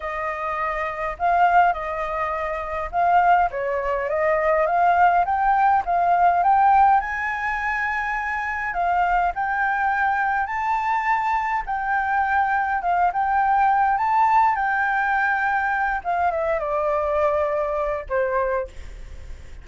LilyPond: \new Staff \with { instrumentName = "flute" } { \time 4/4 \tempo 4 = 103 dis''2 f''4 dis''4~ | dis''4 f''4 cis''4 dis''4 | f''4 g''4 f''4 g''4 | gis''2. f''4 |
g''2 a''2 | g''2 f''8 g''4. | a''4 g''2~ g''8 f''8 | e''8 d''2~ d''8 c''4 | }